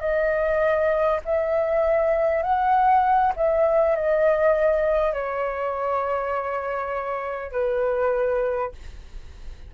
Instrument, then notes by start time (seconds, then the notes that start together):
flute
0.00 D#5
1.25 E5
2.42 F#5
3.36 E5
3.96 D#5
5.13 C#5
7.52 B4